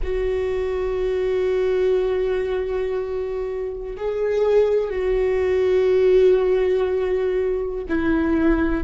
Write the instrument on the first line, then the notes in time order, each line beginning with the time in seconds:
viola
0.03 F#4
3.97 G#4
4.89 F#4
7.89 E4